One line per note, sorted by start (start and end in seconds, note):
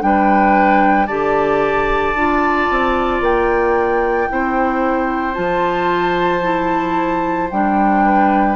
0.00 1.08 G3
0.00 1.07 D4
0.00 1.07 B4
0.00 1.06 G5
1.06 2.14 D3
1.06 2.15 G4
1.06 4.28 D5
1.06 3.20 A5
2.14 2.68 D4
2.14 4.29 F4
2.70 3.20 C4
3.20 4.27 A#3
3.20 5.34 G5
4.29 5.37 C4
4.29 5.34 E4
4.29 8.04 C5
5.34 7.51 F3
5.34 6.41 F4
5.34 7.48 A5
6.41 7.48 E4
7.50 8.55 G3
7.50 8.55 D4
7.50 8.55 G5
8.04 8.55 B4